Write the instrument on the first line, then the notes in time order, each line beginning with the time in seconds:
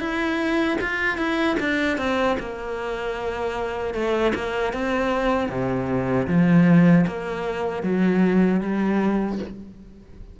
cello
0.00 E4
0.81 F4
1.18 E4
1.60 D4
1.98 C4
2.39 A#3
3.94 A3
4.35 A#3
4.73 C4
5.49 C3
6.28 F3
7.07 A#3
7.83 F#3
8.61 G3